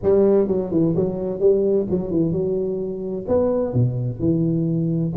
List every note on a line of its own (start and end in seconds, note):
0.02 0.47 G3
0.47 0.71 F#3
0.71 0.94 E3
0.96 1.40 F#3
1.40 1.86 G3
1.90 2.10 F#3
2.10 2.32 E3
2.32 3.25 F#3
3.28 3.73 B3
3.73 4.19 B2
4.19 5.13 E3